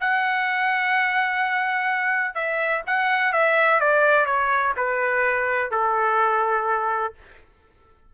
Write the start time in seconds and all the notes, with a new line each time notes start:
0.00 F#5
2.34 E5
2.86 F#5
3.32 E5
3.80 D5
4.26 C#5
4.76 B4
5.71 A4